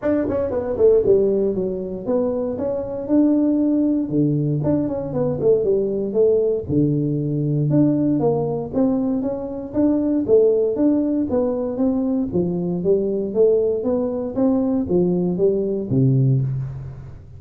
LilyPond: \new Staff \with { instrumentName = "tuba" } { \time 4/4 \tempo 4 = 117 d'8 cis'8 b8 a8 g4 fis4 | b4 cis'4 d'2 | d4 d'8 cis'8 b8 a8 g4 | a4 d2 d'4 |
ais4 c'4 cis'4 d'4 | a4 d'4 b4 c'4 | f4 g4 a4 b4 | c'4 f4 g4 c4 | }